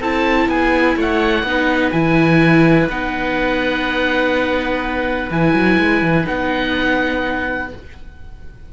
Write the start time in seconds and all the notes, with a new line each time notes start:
0.00 C4 E4 A4 A5
0.48 B3 G#4 G#5
0.96 A3 C#5 F#5
1.43 B3 D#4 B4
1.91 E3 E4 G#5
2.89 B3 D#4 F#5
5.30 E3 E4 G#5
5.54 F#3
5.79 G#3
6.02 E3
6.24 B3 D#4 F#5